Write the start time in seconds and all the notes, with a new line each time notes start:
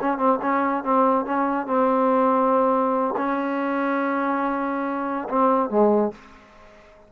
0.00 C#4
0.17 C4
0.41 C#4
0.84 C4
1.25 C#4
1.66 C4
3.17 C#4
5.29 C4
5.69 G#3